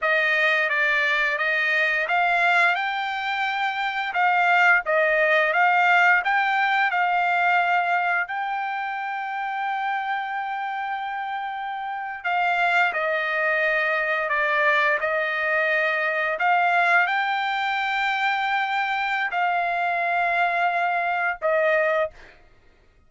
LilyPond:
\new Staff \with { instrumentName = "trumpet" } { \time 4/4 \tempo 4 = 87 dis''4 d''4 dis''4 f''4 | g''2 f''4 dis''4 | f''4 g''4 f''2 | g''1~ |
g''4.~ g''16 f''4 dis''4~ dis''16~ | dis''8. d''4 dis''2 f''16~ | f''8. g''2.~ g''16 | f''2. dis''4 | }